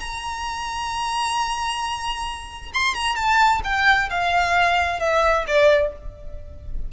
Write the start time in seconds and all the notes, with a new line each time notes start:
0.00 A#5
2.74 C6
2.95 A#5
3.16 A5
3.64 G5
4.10 F5
5.00 E5
5.47 D5